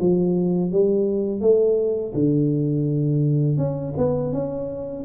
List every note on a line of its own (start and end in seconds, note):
0.00 0.72 F3
0.72 1.41 G3
1.41 2.13 A3
2.14 3.58 D3
3.58 3.94 C#4
3.97 4.33 B3
4.33 5.04 C#4